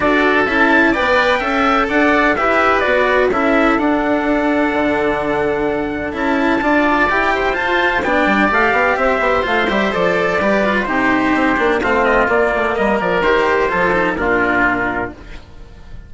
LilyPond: <<
  \new Staff \with { instrumentName = "trumpet" } { \time 4/4 \tempo 4 = 127 d''4 e''16 a''8. g''2 | fis''4 e''4 d''4 e''4 | fis''1~ | fis''4 a''2 g''4 |
a''4 g''4 f''4 e''4 | f''8 e''8 d''2 c''4~ | c''4 f''8 dis''8 d''4 dis''8 d''8 | c''2 ais'2 | }
  \new Staff \with { instrumentName = "oboe" } { \time 4/4 a'2 d''4 e''4 | d''4 b'2 a'4~ | a'1~ | a'2 d''4. c''8~ |
c''4 d''2 c''4~ | c''2 b'4 g'4~ | g'4 f'2 ais'4~ | ais'4 a'4 f'2 | }
  \new Staff \with { instrumentName = "cello" } { \time 4/4 fis'4 e'4 b'4 a'4~ | a'4 g'4 fis'4 e'4 | d'1~ | d'4 e'4 f'4 g'4 |
f'4 d'4 g'2 | f'8 g'8 a'4 g'8 f'8 dis'4~ | dis'8 d'8 c'4 ais2 | g'4 f'8 dis'8 d'2 | }
  \new Staff \with { instrumentName = "bassoon" } { \time 4/4 d'4 cis'4 b4 cis'4 | d'4 e'4 b4 cis'4 | d'2 d2~ | d4 cis'4 d'4 e'4 |
f'4 b8 g8 a8 b8 c'8 b8 | a8 g8 f4 g4 c4 | c'8 ais8 a4 ais8 a8 g8 f8 | dis4 f4 ais,2 | }
>>